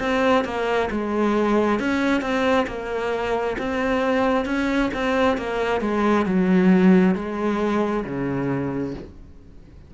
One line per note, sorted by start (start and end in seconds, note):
0.00 0.45 C4
0.45 0.90 A#3
0.91 1.80 G#3
1.80 2.22 C#4
2.22 2.67 C4
2.67 3.57 A#3
3.59 4.46 C4
4.46 4.91 C#4
4.94 5.38 C4
5.38 5.82 A#3
5.82 6.26 G#3
6.26 7.15 F#3
7.15 8.05 G#3
8.05 8.95 C#3